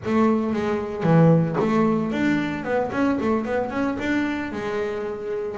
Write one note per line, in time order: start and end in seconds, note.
0.05 0.53 A3
0.53 1.03 G#3
1.03 1.56 E3
1.60 2.12 A3
2.12 2.64 D4
2.64 2.90 B3
2.92 3.18 C#4
3.20 3.45 A3
3.45 3.70 B3
3.70 3.97 C#4
3.99 4.52 D4
4.52 5.58 G#3